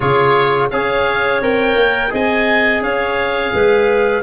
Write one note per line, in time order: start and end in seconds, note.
0.00 0.71 C#3
0.00 0.71 F4
0.00 0.70 G#4
0.00 0.68 C#5
0.71 1.41 C#4
0.71 1.42 G#4
0.71 2.11 C#5
0.71 1.41 F5
1.41 1.75 C4
1.41 2.10 A#4
1.41 2.13 G5
1.75 2.11 A#3
2.10 2.80 C4
2.10 4.21 G#4
2.10 2.82 D#5
2.10 2.83 G#5
2.80 3.51 C#4
2.80 3.52 C#5
2.80 4.22 F5
3.53 4.22 G#3
3.53 4.22 B4